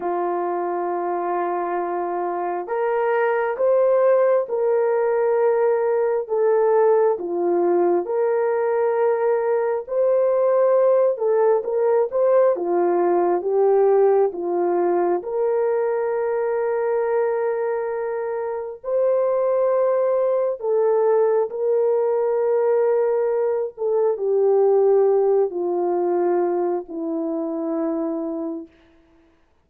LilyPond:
\new Staff \with { instrumentName = "horn" } { \time 4/4 \tempo 4 = 67 f'2. ais'4 | c''4 ais'2 a'4 | f'4 ais'2 c''4~ | c''8 a'8 ais'8 c''8 f'4 g'4 |
f'4 ais'2.~ | ais'4 c''2 a'4 | ais'2~ ais'8 a'8 g'4~ | g'8 f'4. e'2 | }